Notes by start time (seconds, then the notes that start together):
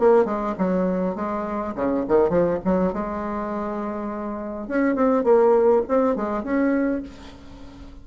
0.00 A#3
0.26 G#3
0.59 F#3
1.16 G#3
1.76 C#3
2.09 D#3
2.30 F3
2.65 F#3
2.93 G#3
4.68 C#4
4.96 C4
5.24 A#3
5.89 C4
6.16 G#3
6.44 C#4